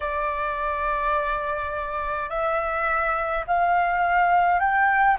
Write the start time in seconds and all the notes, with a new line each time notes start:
0.00 D5
2.29 E5
3.47 F5
4.59 G5